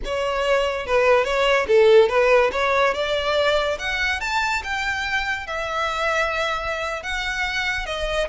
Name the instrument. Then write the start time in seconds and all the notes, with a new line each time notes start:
violin
0.04 C#5
0.86 B4
1.24 C#5
1.67 A4
2.08 B4
2.52 C#5
2.94 D5
3.78 F#5
4.20 A5
4.63 G5
5.47 E5
7.02 F#5
7.86 D#5